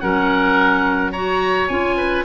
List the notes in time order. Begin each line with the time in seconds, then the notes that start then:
0.00 F#3 C#4 A#4 F#5
1.12 F#4 C#5 A#5
1.68 C#4 F4 G#5
1.97 B4